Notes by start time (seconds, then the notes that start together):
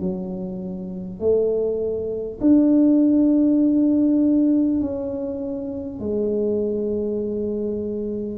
0.00 F#3
1.20 A3
2.41 D4
4.81 C#4
6.00 G#3